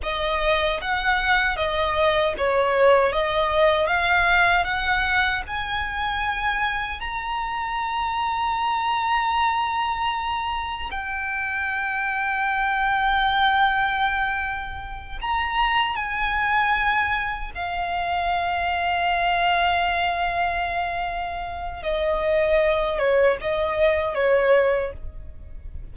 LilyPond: \new Staff \with { instrumentName = "violin" } { \time 4/4 \tempo 4 = 77 dis''4 fis''4 dis''4 cis''4 | dis''4 f''4 fis''4 gis''4~ | gis''4 ais''2.~ | ais''2 g''2~ |
g''2.~ g''8 ais''8~ | ais''8 gis''2 f''4.~ | f''1 | dis''4. cis''8 dis''4 cis''4 | }